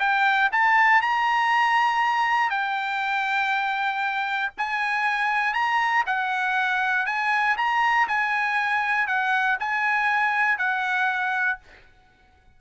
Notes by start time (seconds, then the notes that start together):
0.00 G5
0.53 A5
1.02 A#5
2.50 G5
4.58 G#5
5.54 A#5
6.07 F#5
7.07 G#5
7.58 A#5
8.08 G#5
9.08 F#5
9.60 G#5
10.58 F#5